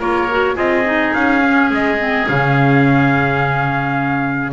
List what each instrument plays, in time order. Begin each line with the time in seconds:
0.00 double bass A#3, clarinet F4, oboe A#4, trumpet C#5
0.31 clarinet F#4
0.56 double bass C4, clarinet F4, oboe G#4, trumpet D#5
0.85 clarinet D#4
1.14 double bass C#4, trumpet F5
1.42 clarinet C#4
1.71 double bass G#3, trumpet D#5
1.99 clarinet C4
2.28 double bass C#3, clarinet C#4, trumpet F5